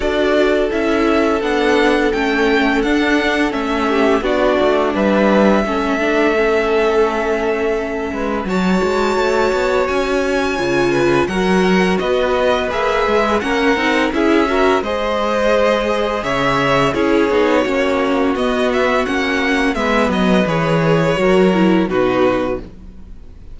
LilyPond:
<<
  \new Staff \with { instrumentName = "violin" } { \time 4/4 \tempo 4 = 85 d''4 e''4 fis''4 g''4 | fis''4 e''4 d''4 e''4~ | e''1 | a''2 gis''2 |
fis''4 dis''4 e''4 fis''4 | e''4 dis''2 e''4 | cis''2 dis''8 e''8 fis''4 | e''8 dis''8 cis''2 b'4 | }
  \new Staff \with { instrumentName = "violin" } { \time 4/4 a'1~ | a'4. g'8 fis'4 b'4 | a'2.~ a'8 b'8 | cis''2.~ cis''8 b'8 |
ais'4 b'2 ais'4 | gis'8 ais'8 c''2 cis''4 | gis'4 fis'2. | b'2 ais'4 fis'4 | }
  \new Staff \with { instrumentName = "viola" } { \time 4/4 fis'4 e'4 d'4 cis'4 | d'4 cis'4 d'2 | cis'8 d'8 cis'2. | fis'2. f'4 |
fis'2 gis'4 cis'8 dis'8 | e'8 fis'8 gis'2. | e'8 dis'8 cis'4 b4 cis'4 | b4 gis'4 fis'8 e'8 dis'4 | }
  \new Staff \with { instrumentName = "cello" } { \time 4/4 d'4 cis'4 b4 a4 | d'4 a4 b8 a8 g4 | a2.~ a8 gis8 | fis8 gis8 a8 b8 cis'4 cis4 |
fis4 b4 ais8 gis8 ais8 c'8 | cis'4 gis2 cis4 | cis'8 b8 ais4 b4 ais4 | gis8 fis8 e4 fis4 b,4 | }
>>